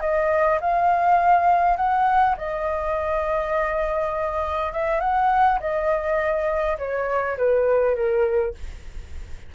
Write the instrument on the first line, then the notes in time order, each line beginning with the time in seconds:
flute
0.00 D#5
0.60 F5
1.76 F#5
2.37 D#5
4.72 E5
5.00 F#5
5.60 D#5
6.78 C#5
7.37 B4
7.95 A#4